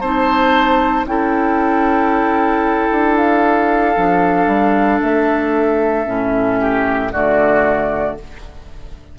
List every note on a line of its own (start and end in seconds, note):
0.00 1.05 C4
0.00 1.06 D#4
0.00 1.06 C5
0.00 1.05 A5
1.06 2.90 C#4
1.06 3.95 E4
1.06 6.60 A4
1.06 3.16 G5
2.90 3.95 D4
3.16 5.00 F5
3.96 4.46 F3
3.96 6.05 D4
4.46 4.99 G3
5.01 6.06 A3
5.01 7.11 E5
6.05 7.12 A2
6.05 7.11 C#4
6.60 7.12 G4
7.11 8.18 D3
7.11 8.18 A3
7.11 8.17 F#4
7.11 8.17 D5